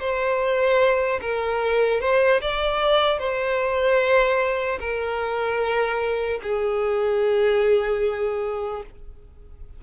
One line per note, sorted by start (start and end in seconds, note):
0.00 1.20 C5
1.21 2.01 A#4
2.01 2.41 C5
2.41 3.19 D5
3.19 4.79 C5
4.80 6.40 A#4
6.43 8.83 G#4